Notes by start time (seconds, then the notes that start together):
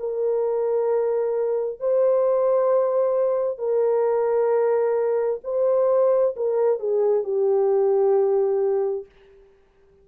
0.00 A#4
1.80 C5
3.59 A#4
5.45 C5
6.37 A#4
6.80 G#4
7.24 G4